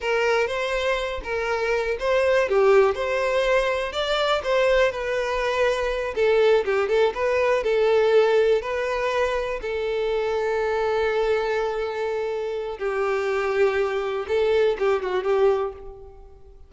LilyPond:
\new Staff \with { instrumentName = "violin" } { \time 4/4 \tempo 4 = 122 ais'4 c''4. ais'4. | c''4 g'4 c''2 | d''4 c''4 b'2~ | b'8 a'4 g'8 a'8 b'4 a'8~ |
a'4. b'2 a'8~ | a'1~ | a'2 g'2~ | g'4 a'4 g'8 fis'8 g'4 | }